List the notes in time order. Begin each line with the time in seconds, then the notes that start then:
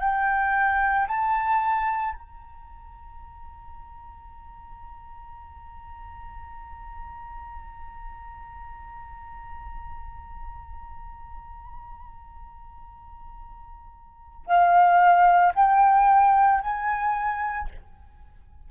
0.00 G5
1.08 A5
2.14 A#5
14.46 F5
15.55 G5
16.61 G#5